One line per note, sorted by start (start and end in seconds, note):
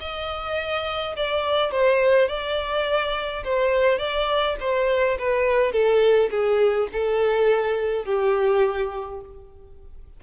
0.00 1.15 D#5
1.16 1.71 D5
1.71 2.28 C5
2.28 3.43 D5
3.44 3.98 C5
3.98 4.56 D5
4.60 5.17 C5
5.18 5.72 B4
5.72 6.30 A4
6.30 6.88 G#4
6.92 8.05 A4
8.05 9.20 G4